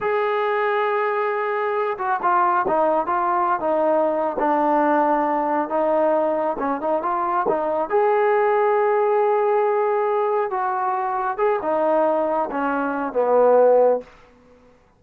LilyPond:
\new Staff \with { instrumentName = "trombone" } { \time 4/4 \tempo 4 = 137 gis'1~ | gis'8 fis'8 f'4 dis'4 f'4~ | f'16 dis'4.~ dis'16 d'2~ | d'4 dis'2 cis'8 dis'8 |
f'4 dis'4 gis'2~ | gis'1 | fis'2 gis'8 dis'4.~ | dis'8 cis'4. b2 | }